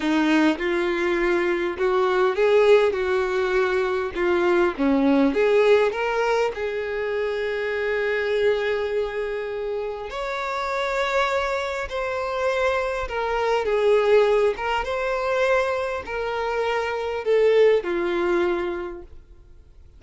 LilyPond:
\new Staff \with { instrumentName = "violin" } { \time 4/4 \tempo 4 = 101 dis'4 f'2 fis'4 | gis'4 fis'2 f'4 | cis'4 gis'4 ais'4 gis'4~ | gis'1~ |
gis'4 cis''2. | c''2 ais'4 gis'4~ | gis'8 ais'8 c''2 ais'4~ | ais'4 a'4 f'2 | }